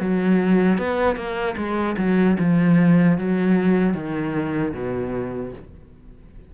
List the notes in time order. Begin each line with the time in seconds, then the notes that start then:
0.00 F#3
0.78 B3
1.16 A#3
1.56 G#3
1.97 F#3
2.39 F3
3.18 F#3
3.94 D#3
4.74 B2